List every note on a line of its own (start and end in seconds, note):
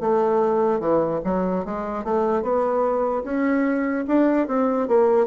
0.00 0.79 A3
0.79 1.20 E3
1.24 1.64 F#3
1.65 2.03 G#3
2.03 2.42 A3
2.42 3.23 B3
3.24 4.05 C#4
4.07 4.47 D4
4.47 4.87 C4
4.87 5.26 A#3